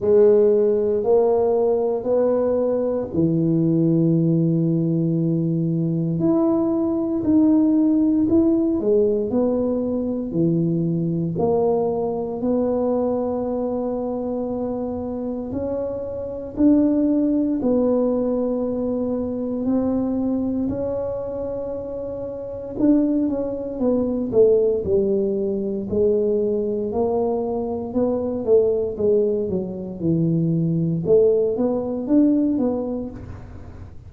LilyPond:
\new Staff \with { instrumentName = "tuba" } { \time 4/4 \tempo 4 = 58 gis4 ais4 b4 e4~ | e2 e'4 dis'4 | e'8 gis8 b4 e4 ais4 | b2. cis'4 |
d'4 b2 c'4 | cis'2 d'8 cis'8 b8 a8 | g4 gis4 ais4 b8 a8 | gis8 fis8 e4 a8 b8 d'8 b8 | }